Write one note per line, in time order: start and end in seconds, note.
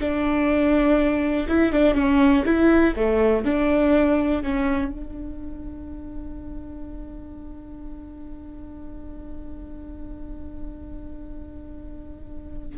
0.00 1.48 D4
1.48 1.73 E4
1.73 1.95 D4
1.95 2.44 C#4
2.46 2.95 E4
2.96 3.45 A3
3.45 4.43 D4
4.43 4.92 C#4
4.92 12.78 D4